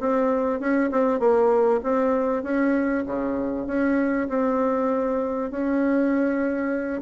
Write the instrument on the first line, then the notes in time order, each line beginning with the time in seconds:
bassoon
0.00 C4
0.60 C#4
0.91 C4
1.19 A#3
1.83 C4
2.43 C#4
3.06 C#3
3.67 C#4
4.29 C4
5.51 C#4